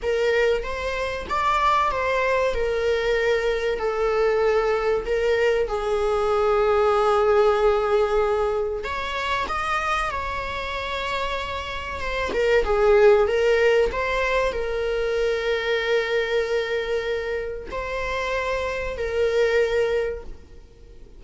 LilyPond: \new Staff \with { instrumentName = "viola" } { \time 4/4 \tempo 4 = 95 ais'4 c''4 d''4 c''4 | ais'2 a'2 | ais'4 gis'2.~ | gis'2 cis''4 dis''4 |
cis''2. c''8 ais'8 | gis'4 ais'4 c''4 ais'4~ | ais'1 | c''2 ais'2 | }